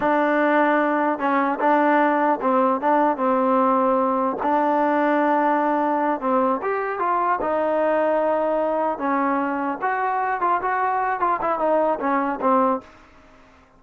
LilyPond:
\new Staff \with { instrumentName = "trombone" } { \time 4/4 \tempo 4 = 150 d'2. cis'4 | d'2 c'4 d'4 | c'2. d'4~ | d'2.~ d'8 c'8~ |
c'8 g'4 f'4 dis'4.~ | dis'2~ dis'8 cis'4.~ | cis'8 fis'4. f'8 fis'4. | f'8 e'8 dis'4 cis'4 c'4 | }